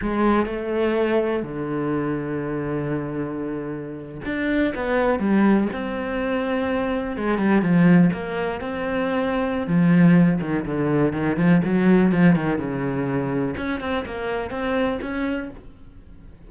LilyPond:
\new Staff \with { instrumentName = "cello" } { \time 4/4 \tempo 4 = 124 gis4 a2 d4~ | d1~ | d8. d'4 b4 g4 c'16~ | c'2~ c'8. gis8 g8 f16~ |
f8. ais4 c'2~ c'16 | f4. dis8 d4 dis8 f8 | fis4 f8 dis8 cis2 | cis'8 c'8 ais4 c'4 cis'4 | }